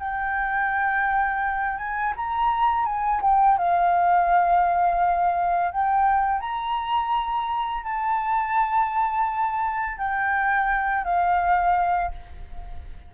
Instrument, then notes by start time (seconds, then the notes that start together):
flute
0.00 G5
1.78 G#5
2.17 A#5
2.86 G#5
3.22 G5
3.58 F5
5.72 G5
6.41 A#5
7.84 A5
9.98 G5
11.05 F5